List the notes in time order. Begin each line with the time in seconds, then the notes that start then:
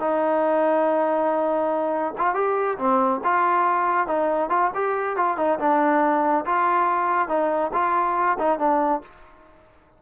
0.00 D#4
2.18 F4
2.35 G4
2.78 C4
3.24 F4
4.08 D#4
4.50 F4
4.75 G4
5.17 F4
5.37 D#4
5.59 D4
6.46 F4
7.29 D#4
7.74 F4
8.39 D#4
8.59 D4